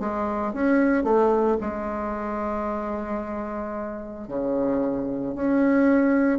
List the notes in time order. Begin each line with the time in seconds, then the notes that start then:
0.00 G#3
0.54 C#4
1.04 A3
1.61 G#3
4.28 C#3
5.35 C#4